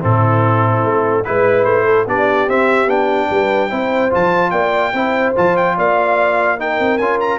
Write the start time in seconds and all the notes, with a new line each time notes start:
0.00 A2 C4 E4 A4
0.84 A3
1.24 G#3 E4 B4
1.64 A3 C5
1.85 A4
2.06 B3 D4 G4 D5
2.48 C4 E5
2.86 B3 D4 G5
3.30 G3 B4
3.69 C4 E4 C5
4.10 F3 F4 A5
4.50 A#3 D5 G5
4.93 C4 E4 C5
5.35 F3 F4 A5
5.56 G5
5.76 A#3 D5 F5
6.58 D#4 A#4 G5
6.79 C4
6.98 C#4 F4 G#5
7.20 A#5